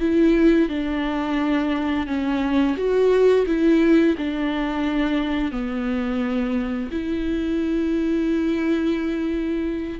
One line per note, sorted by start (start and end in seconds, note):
0.00 0.69 E4
0.69 2.07 D4
2.07 2.76 C#4
2.76 3.45 F#4
3.46 4.15 E4
4.18 5.51 D4
5.51 6.89 B3
6.91 10.00 E4